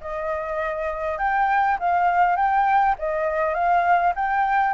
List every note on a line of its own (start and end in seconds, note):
0.00 1.18 D#5
1.18 1.77 G5
1.79 2.36 F5
2.36 2.95 G5
2.98 3.54 D#5
3.54 4.13 F5
4.15 4.74 G5